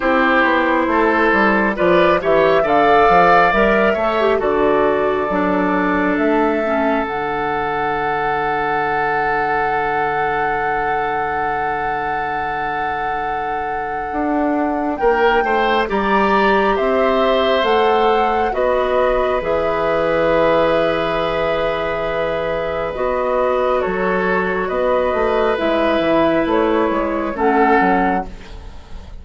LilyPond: <<
  \new Staff \with { instrumentName = "flute" } { \time 4/4 \tempo 4 = 68 c''2 d''8 e''8 f''4 | e''4 d''2 e''4 | fis''1~ | fis''1~ |
fis''4 g''4 ais''4 e''4 | fis''4 dis''4 e''2~ | e''2 dis''4 cis''4 | dis''4 e''4 cis''4 fis''4 | }
  \new Staff \with { instrumentName = "oboe" } { \time 4/4 g'4 a'4 b'8 cis''8 d''4~ | d''8 cis''8 a'2.~ | a'1~ | a'1~ |
a'4 ais'8 c''8 d''4 c''4~ | c''4 b'2.~ | b'2. a'4 | b'2. a'4 | }
  \new Staff \with { instrumentName = "clarinet" } { \time 4/4 e'2 f'8 g'8 a'4 | ais'8 a'16 g'16 fis'4 d'4. cis'8 | d'1~ | d'1~ |
d'2 g'2 | a'4 fis'4 gis'2~ | gis'2 fis'2~ | fis'4 e'2 cis'4 | }
  \new Staff \with { instrumentName = "bassoon" } { \time 4/4 c'8 b8 a8 g8 f8 e8 d8 f8 | g8 a8 d4 fis4 a4 | d1~ | d1 |
d'4 ais8 a8 g4 c'4 | a4 b4 e2~ | e2 b4 fis4 | b8 a8 gis8 e8 a8 gis8 a8 fis8 | }
>>